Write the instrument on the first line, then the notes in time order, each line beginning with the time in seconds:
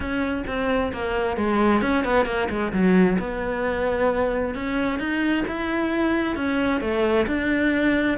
cello
0.00 C#4
0.46 C4
0.92 A#3
1.36 G#3
1.81 C#4
2.04 B3
2.25 A#3
2.49 G#3
2.72 F#3
3.18 B3
4.55 C#4
4.99 D#4
5.47 E4
6.35 C#4
6.81 A3
7.26 D4